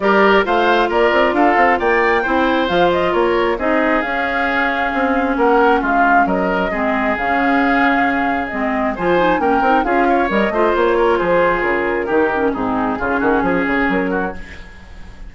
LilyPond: <<
  \new Staff \with { instrumentName = "flute" } { \time 4/4 \tempo 4 = 134 d''4 f''4 d''4 f''4 | g''2 f''8 dis''8 cis''4 | dis''4 f''2. | fis''4 f''4 dis''2 |
f''2. dis''4 | gis''4 g''4 f''4 dis''4 | cis''4 c''4 ais'2 | gis'2. ais'4 | }
  \new Staff \with { instrumentName = "oboe" } { \time 4/4 ais'4 c''4 ais'4 a'4 | d''4 c''2 ais'4 | gis'1 | ais'4 f'4 ais'4 gis'4~ |
gis'1 | c''4 ais'4 gis'8 cis''4 c''8~ | c''8 ais'8 gis'2 g'4 | dis'4 f'8 fis'8 gis'4. fis'8 | }
  \new Staff \with { instrumentName = "clarinet" } { \time 4/4 g'4 f'2.~ | f'4 e'4 f'2 | dis'4 cis'2.~ | cis'2. c'4 |
cis'2. c'4 | f'8 dis'8 cis'8 dis'8 f'4 ais'8 f'8~ | f'2. dis'8 cis'8 | c'4 cis'2. | }
  \new Staff \with { instrumentName = "bassoon" } { \time 4/4 g4 a4 ais8 c'8 d'8 c'8 | ais4 c'4 f4 ais4 | c'4 cis'2 c'4 | ais4 gis4 fis4 gis4 |
cis2. gis4 | f4 ais8 c'8 cis'4 g8 a8 | ais4 f4 cis4 dis4 | gis,4 cis8 dis8 f8 cis8 fis4 | }
>>